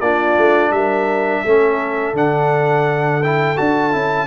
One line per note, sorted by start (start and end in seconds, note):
0.00 0.36 A#3
0.00 1.46 D4
0.00 0.72 F4
0.00 0.71 D5
0.37 0.71 A3
0.71 1.42 G3
0.71 1.43 A#4
0.71 2.14 E5
1.43 2.13 A3
1.43 2.14 C#4
1.43 4.27 A4
2.13 3.56 D3
2.13 3.22 D4
2.13 3.23 F#5
3.23 3.56 E4
3.23 3.57 G5
3.56 3.94 D4
3.56 3.92 F#4
3.56 4.27 A5
3.92 4.27 C#4
3.92 4.27 E4